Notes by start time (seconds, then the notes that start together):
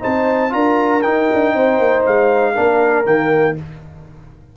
0.00 C4 D#4 C5 A5
0.50 D4 F4 A#4 A#5
1.02 D#4 G5
1.33 D4
1.54 C4 C5
1.79 A#3
2.06 G#3 F5
2.54 A#3 D4 A#4
3.05 D#3 A#3 G5